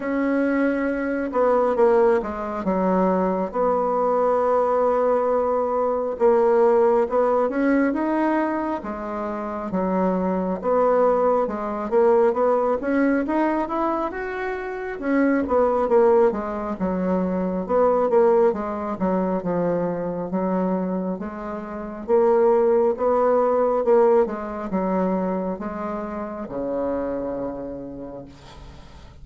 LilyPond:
\new Staff \with { instrumentName = "bassoon" } { \time 4/4 \tempo 4 = 68 cis'4. b8 ais8 gis8 fis4 | b2. ais4 | b8 cis'8 dis'4 gis4 fis4 | b4 gis8 ais8 b8 cis'8 dis'8 e'8 |
fis'4 cis'8 b8 ais8 gis8 fis4 | b8 ais8 gis8 fis8 f4 fis4 | gis4 ais4 b4 ais8 gis8 | fis4 gis4 cis2 | }